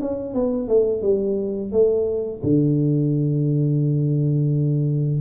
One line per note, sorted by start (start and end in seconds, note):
0.00 0.34 C#4
0.34 0.68 B3
0.68 1.02 A3
1.02 1.72 G3
1.72 2.41 A3
2.43 5.20 D3